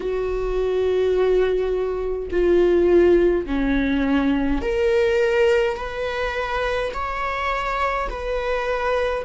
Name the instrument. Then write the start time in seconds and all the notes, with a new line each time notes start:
viola
0.00 F#4
2.31 F4
3.46 C#4
4.61 A#4
5.76 B4
6.93 C#5
8.09 B4